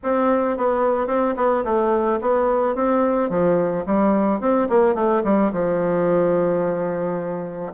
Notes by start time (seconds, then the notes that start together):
0.03 C4
0.57 B3
1.07 C4
1.36 B3
1.64 A3
2.21 B3
2.75 C4
3.29 F3
3.86 G3
4.40 C4
4.69 A#3
4.94 A3
5.23 G3
5.52 F3